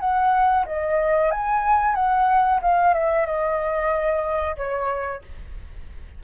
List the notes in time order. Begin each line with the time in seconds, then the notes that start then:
0.00 F#5
0.66 D#5
1.31 G#5
1.95 F#5
2.61 F5
2.94 E5
3.25 D#5
4.57 C#5